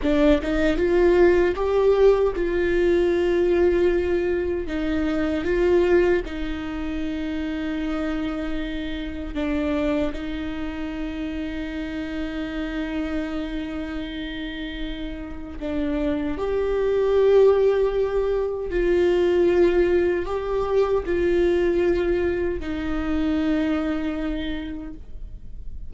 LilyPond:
\new Staff \with { instrumentName = "viola" } { \time 4/4 \tempo 4 = 77 d'8 dis'8 f'4 g'4 f'4~ | f'2 dis'4 f'4 | dis'1 | d'4 dis'2.~ |
dis'1 | d'4 g'2. | f'2 g'4 f'4~ | f'4 dis'2. | }